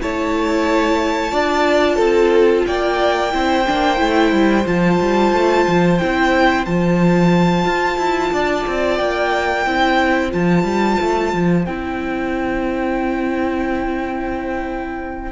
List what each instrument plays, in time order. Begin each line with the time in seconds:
0.00 cello A3, viola E4, violin C#5 A5
1.30 cello D4, viola F4, violin D5
1.96 cello C4, violin A4
2.66 cello A#3, violin D5 G5
3.31 cello C4, viola E4, violin C5
3.66 cello A#3, viola D4
3.96 cello A3, viola E4
4.32 cello G3
4.64 cello F3, viola F4, violin A5
5.00 cello G3
5.32 cello A3
5.67 cello F3
5.98 cello C4, viola E4, violin G5
6.65 cello F3, viola F4, violin A5
7.64 cello F4
7.97 cello E4
8.32 cello D4, violin D5
8.67 cello C4
8.97 cello A#3, violin G5
9.66 cello C4, viola E4, violin C5
10.30 cello F3, viola F4, violin A5
10.63 cello G3
11.00 cello A3
11.33 cello F3
11.65 cello C4, viola E4, violin G5